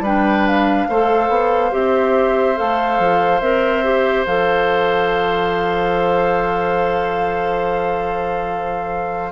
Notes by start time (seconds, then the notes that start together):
0.00 G3 D4 B4 G5
0.48 F5
0.89 A3 A4 C5
1.29 B3
1.72 C4 G4 E5
2.56 A3 A4 F5
2.99 F3
3.40 C4 A#4 E5
3.84 G4
4.26 F3 A4 F5